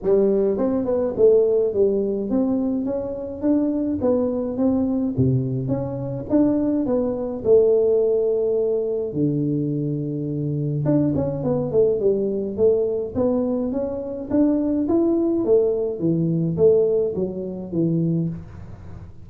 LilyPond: \new Staff \with { instrumentName = "tuba" } { \time 4/4 \tempo 4 = 105 g4 c'8 b8 a4 g4 | c'4 cis'4 d'4 b4 | c'4 c4 cis'4 d'4 | b4 a2. |
d2. d'8 cis'8 | b8 a8 g4 a4 b4 | cis'4 d'4 e'4 a4 | e4 a4 fis4 e4 | }